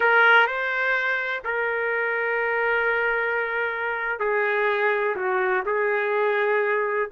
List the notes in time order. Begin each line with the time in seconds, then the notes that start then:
0.00 A#4
0.47 C5
1.44 A#4
4.19 G#4
5.16 F#4
5.65 G#4